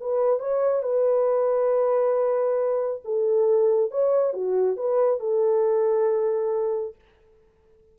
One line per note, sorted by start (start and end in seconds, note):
0.00 0.39 B4
0.39 0.82 C#5
0.82 3.01 B4
3.04 3.91 A4
3.91 4.33 C#5
4.33 4.76 F#4
4.76 5.19 B4
5.19 6.95 A4